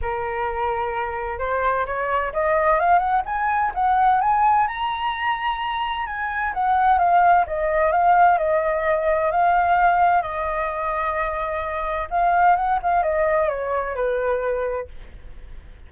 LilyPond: \new Staff \with { instrumentName = "flute" } { \time 4/4 \tempo 4 = 129 ais'2. c''4 | cis''4 dis''4 f''8 fis''8 gis''4 | fis''4 gis''4 ais''2~ | ais''4 gis''4 fis''4 f''4 |
dis''4 f''4 dis''2 | f''2 dis''2~ | dis''2 f''4 fis''8 f''8 | dis''4 cis''4 b'2 | }